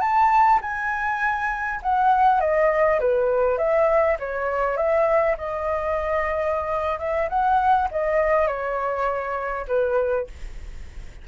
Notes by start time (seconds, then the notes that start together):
0.00 A5
0.61 G#5
1.82 F#5
2.40 D#5
3.00 B4
3.58 E5
4.19 C#5
4.76 E5
5.38 D#5
6.99 E5
7.29 F#5
7.91 D#5
8.47 C#5
9.68 B4